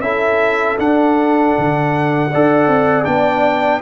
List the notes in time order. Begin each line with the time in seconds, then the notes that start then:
0.00 C#4 E4 A4 E5
0.78 D4 F#5
1.58 D3
2.31 D4 A4 D5
2.67 C4
3.04 B3 D4 G5